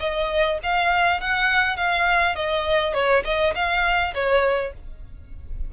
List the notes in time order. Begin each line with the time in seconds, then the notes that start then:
0.00 D#5
0.63 F5
1.21 F#5
1.77 F5
2.36 D#5
2.94 C#5
3.25 D#5
3.55 F5
4.14 C#5